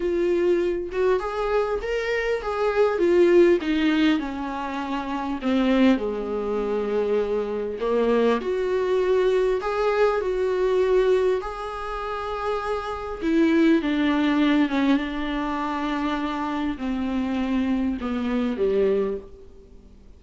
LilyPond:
\new Staff \with { instrumentName = "viola" } { \time 4/4 \tempo 4 = 100 f'4. fis'8 gis'4 ais'4 | gis'4 f'4 dis'4 cis'4~ | cis'4 c'4 gis2~ | gis4 ais4 fis'2 |
gis'4 fis'2 gis'4~ | gis'2 e'4 d'4~ | d'8 cis'8 d'2. | c'2 b4 g4 | }